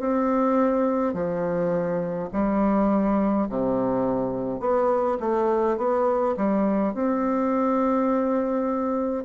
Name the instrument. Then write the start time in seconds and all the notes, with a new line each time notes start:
bassoon
0.00 C4
1.14 F3
2.33 G3
3.49 C3
4.60 B3
5.20 A3
5.78 B3
6.37 G3
6.94 C4